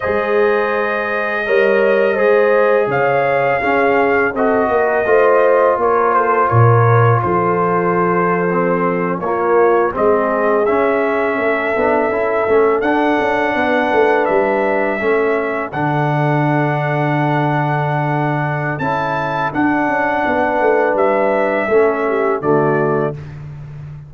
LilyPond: <<
  \new Staff \with { instrumentName = "trumpet" } { \time 4/4 \tempo 4 = 83 dis''1 | f''2 dis''2 | cis''8 c''8 cis''4 c''2~ | c''8. cis''4 dis''4 e''4~ e''16~ |
e''4.~ e''16 fis''2 e''16~ | e''4.~ e''16 fis''2~ fis''16~ | fis''2 a''4 fis''4~ | fis''4 e''2 d''4 | }
  \new Staff \with { instrumentName = "horn" } { \time 4/4 c''2 cis''4 c''4 | cis''4 gis'4 a'8 ais'8 c''4 | ais'8 a'8 ais'4 a'2~ | a'8. f'4 gis'2 a'16~ |
a'2~ a'8. b'4~ b'16~ | b'8. a'2.~ a'16~ | a'1 | b'2 a'8 g'8 fis'4 | }
  \new Staff \with { instrumentName = "trombone" } { \time 4/4 gis'2 ais'4 gis'4~ | gis'4 cis'4 fis'4 f'4~ | f'2.~ f'8. c'16~ | c'8. ais4 c'4 cis'4~ cis'16~ |
cis'16 d'8 e'8 cis'8 d'2~ d'16~ | d'8. cis'4 d'2~ d'16~ | d'2 e'4 d'4~ | d'2 cis'4 a4 | }
  \new Staff \with { instrumentName = "tuba" } { \time 4/4 gis2 g4 gis4 | cis4 cis'4 c'8 ais8 a4 | ais4 ais,4 f2~ | f8. ais4 gis4 cis'4 a16~ |
a16 b8 cis'8 a8 d'8 cis'8 b8 a8 g16~ | g8. a4 d2~ d16~ | d2 cis'4 d'8 cis'8 | b8 a8 g4 a4 d4 | }
>>